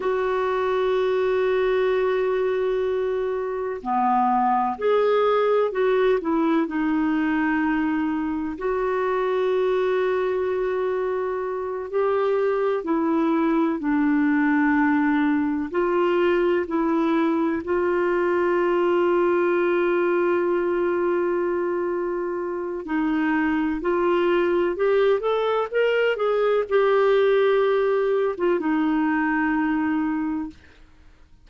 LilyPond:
\new Staff \with { instrumentName = "clarinet" } { \time 4/4 \tempo 4 = 63 fis'1 | b4 gis'4 fis'8 e'8 dis'4~ | dis'4 fis'2.~ | fis'8 g'4 e'4 d'4.~ |
d'8 f'4 e'4 f'4.~ | f'1 | dis'4 f'4 g'8 a'8 ais'8 gis'8 | g'4.~ g'16 f'16 dis'2 | }